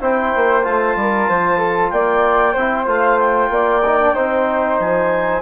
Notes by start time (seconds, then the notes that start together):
0.00 C4 E4 C5 G5
0.36 A#3
0.64 A3 F4 A5
0.96 G3 A#4
1.29 F3 C5
1.58 A4
1.90 A#3 D5 G5
2.54 C4 E4 C5
2.86 A3 F4 F5
3.19 G5
3.50 A#3 D5
3.86 D#4
4.02 D4
4.15 C4 D#4 C5
4.80 F3 G#5